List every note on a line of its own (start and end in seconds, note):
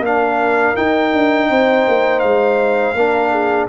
0.00 0.73 A#3
0.00 0.76 D4
0.00 1.49 A#4
0.00 0.76 F5
0.76 2.95 D#4
0.76 1.14 D#4
0.76 2.20 G5
1.14 1.50 D4
1.49 1.87 C4
1.49 2.96 C5
1.88 2.23 A#3
2.20 2.94 G#3
2.20 3.66 F5
2.94 3.67 A#3
2.94 3.69 D4
2.94 3.31 A#4
3.31 3.68 G#4